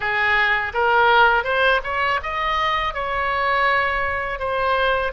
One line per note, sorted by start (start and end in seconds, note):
0.00 0.73 G#4
0.73 1.44 A#4
1.44 1.80 C5
1.83 2.20 C#5
2.23 2.94 D#5
2.94 4.39 C#5
4.39 5.12 C5